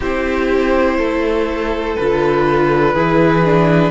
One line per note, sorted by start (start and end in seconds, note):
0.00 0.98 C4
0.00 1.98 E4
0.00 0.97 G4
0.00 1.96 C5
0.97 1.96 A3
0.97 2.93 A4
1.96 2.95 D3
1.96 2.96 F4
1.96 3.91 B4
2.93 3.91 E3
2.93 3.44 E4
2.93 3.91 G#4
3.44 3.91 D4